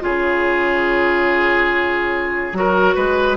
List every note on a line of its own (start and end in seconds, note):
0.00 2.52 C#3
0.00 2.54 F4
0.00 2.57 G#4
0.00 3.37 C#5
2.52 2.95 F#3
2.52 3.37 F#4
2.59 2.95 A#4
2.95 3.37 G#3
2.95 3.37 B4